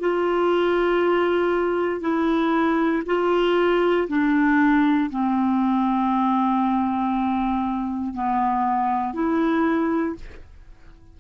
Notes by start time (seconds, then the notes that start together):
0.00 F4
2.01 E4
3.06 F4
4.09 D4
5.11 C4
8.14 B3
9.14 E4